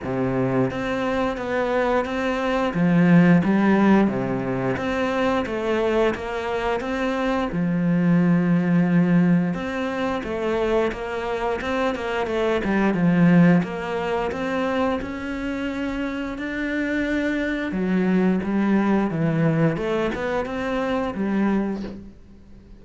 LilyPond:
\new Staff \with { instrumentName = "cello" } { \time 4/4 \tempo 4 = 88 c4 c'4 b4 c'4 | f4 g4 c4 c'4 | a4 ais4 c'4 f4~ | f2 c'4 a4 |
ais4 c'8 ais8 a8 g8 f4 | ais4 c'4 cis'2 | d'2 fis4 g4 | e4 a8 b8 c'4 g4 | }